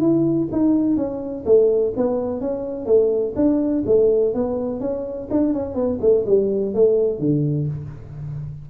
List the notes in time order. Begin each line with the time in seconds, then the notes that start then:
0.00 E4
0.52 D#4
0.96 C#4
1.45 A3
1.96 B3
2.40 C#4
2.86 A3
3.36 D4
3.86 A3
4.34 B3
4.80 C#4
5.31 D4
5.53 C#4
5.75 B3
6.01 A3
6.26 G3
6.74 A3
7.19 D3